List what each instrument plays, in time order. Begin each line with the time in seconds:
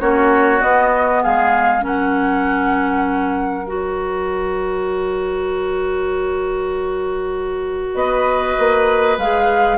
0.00 bassoon A#3, clarinet C#4, oboe F#4, flute C#5
0.62 clarinet B3, bassoon B3, flute D#5
1.23 bassoon G#3, oboe G#4, flute F5
1.81 bassoon F#3, clarinet C#4, oboe A#4
1.87 flute F#5
3.67 clarinet F#4, flute C#5
7.95 bassoon B3, oboe B4, flute D#5
8.59 bassoon A#3
9.18 bassoon G#3, clarinet G#4, flute F5